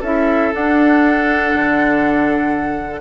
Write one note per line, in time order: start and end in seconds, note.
0.00 0.52 C#4
0.00 0.53 E4
0.00 3.00 A4
0.00 0.54 E5
0.53 3.00 D4
0.53 1.54 D4
0.53 3.00 F#5
1.54 3.00 D3